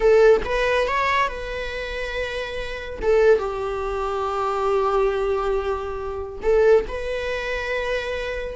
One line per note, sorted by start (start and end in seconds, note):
0.00 0.41 A4
0.44 0.87 B4
0.87 1.28 C#5
1.28 2.99 B4
3.02 3.38 A4
3.38 6.38 G4
6.42 6.85 A4
6.88 8.55 B4